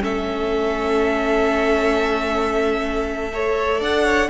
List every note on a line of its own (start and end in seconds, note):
0.00 3.80 A3
0.00 3.29 C#4
0.00 3.32 A4
0.00 3.81 E5
3.32 4.29 A4
3.32 3.80 C#5
3.80 4.29 D4
3.80 4.03 D5
3.80 4.29 F#5
4.03 4.28 C#5